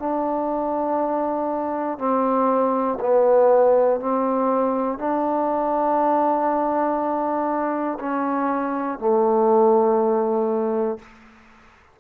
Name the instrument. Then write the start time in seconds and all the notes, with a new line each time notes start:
trombone
0.00 D4
1.99 C4
3.01 B3
4.00 C4
4.99 D4
8.00 C#4
8.99 A3